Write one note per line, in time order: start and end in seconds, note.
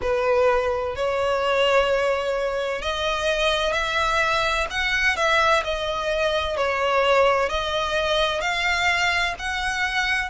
0.01 0.95 B4
0.95 2.81 C#5
2.81 3.72 D#5
3.72 4.66 E5
4.70 5.16 F#5
5.16 5.62 E5
5.64 6.56 D#5
6.56 7.49 C#5
7.49 8.40 D#5
8.40 9.34 F5
9.38 10.29 F#5